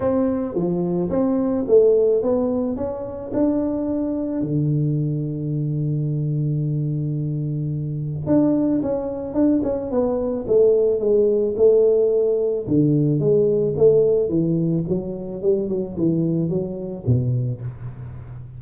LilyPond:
\new Staff \with { instrumentName = "tuba" } { \time 4/4 \tempo 4 = 109 c'4 f4 c'4 a4 | b4 cis'4 d'2 | d1~ | d2. d'4 |
cis'4 d'8 cis'8 b4 a4 | gis4 a2 d4 | gis4 a4 e4 fis4 | g8 fis8 e4 fis4 b,4 | }